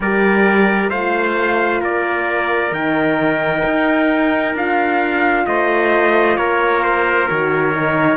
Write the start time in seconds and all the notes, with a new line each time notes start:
0.00 G3 G4 A#4 D5
0.89 A3 F4 C5 F5
1.80 A#3 A#4 D5
2.71 D#3 D#4 G5
3.64 D#4
4.54 D4 F4 F5
5.46 A3 C5 D#5
6.37 A#3 A#4 C#5
6.82 C5
7.28 D#3 F#4 C#5
7.73 D#4